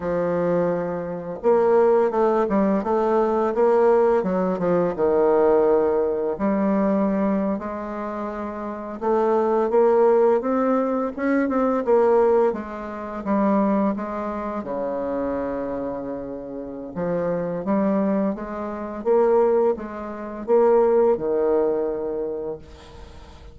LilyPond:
\new Staff \with { instrumentName = "bassoon" } { \time 4/4 \tempo 4 = 85 f2 ais4 a8 g8 | a4 ais4 fis8 f8 dis4~ | dis4 g4.~ g16 gis4~ gis16~ | gis8. a4 ais4 c'4 cis'16~ |
cis'16 c'8 ais4 gis4 g4 gis16~ | gis8. cis2.~ cis16 | f4 g4 gis4 ais4 | gis4 ais4 dis2 | }